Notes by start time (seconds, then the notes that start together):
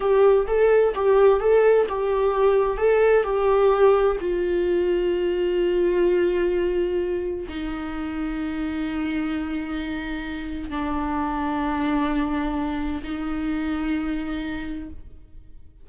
0.00 G4
0.47 A4
0.95 G4
1.40 A4
1.88 G4
2.77 A4
3.23 G4
4.20 F4
7.48 D#4
10.70 D4
13.03 D#4